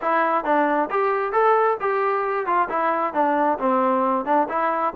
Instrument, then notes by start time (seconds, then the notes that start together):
trombone
0.01 E4
0.44 D4
0.90 G4
1.32 A4
1.80 G4
2.46 F4
2.69 E4
3.13 D4
3.58 C4
4.25 D4
4.48 E4